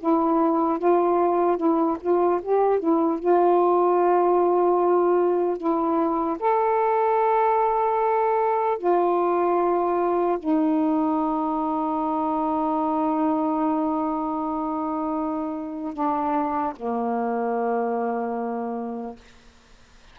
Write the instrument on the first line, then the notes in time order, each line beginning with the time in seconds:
saxophone
0.00 E4
0.79 F4
1.57 E4
2.01 F4
2.43 G4
2.80 E4
3.20 F4
5.58 E4
6.40 A4
8.79 F4
10.40 D#4
15.94 D4
16.77 A#3